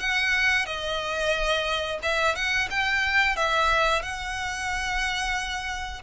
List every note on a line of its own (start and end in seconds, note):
0.00 0.66 F#5
0.66 1.99 D#5
2.03 2.35 E5
2.35 2.69 F#5
2.70 3.36 G5
3.36 4.02 E5
4.02 6.02 F#5